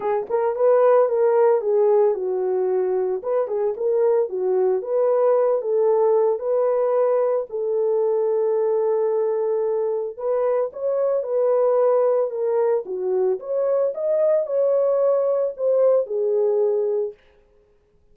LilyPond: \new Staff \with { instrumentName = "horn" } { \time 4/4 \tempo 4 = 112 gis'8 ais'8 b'4 ais'4 gis'4 | fis'2 b'8 gis'8 ais'4 | fis'4 b'4. a'4. | b'2 a'2~ |
a'2. b'4 | cis''4 b'2 ais'4 | fis'4 cis''4 dis''4 cis''4~ | cis''4 c''4 gis'2 | }